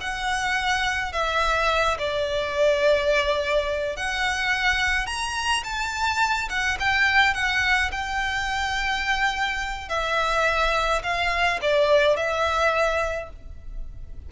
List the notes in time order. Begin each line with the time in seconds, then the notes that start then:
0.00 F#5
1.12 E5
1.98 D5
3.96 F#5
5.06 A#5
5.63 A5
6.49 F#5
6.79 G5
7.34 F#5
7.91 G5
9.89 E5
11.03 F5
11.61 D5
12.16 E5